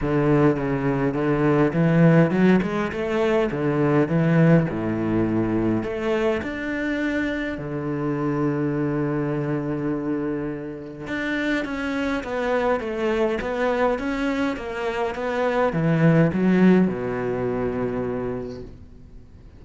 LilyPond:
\new Staff \with { instrumentName = "cello" } { \time 4/4 \tempo 4 = 103 d4 cis4 d4 e4 | fis8 gis8 a4 d4 e4 | a,2 a4 d'4~ | d'4 d2.~ |
d2. d'4 | cis'4 b4 a4 b4 | cis'4 ais4 b4 e4 | fis4 b,2. | }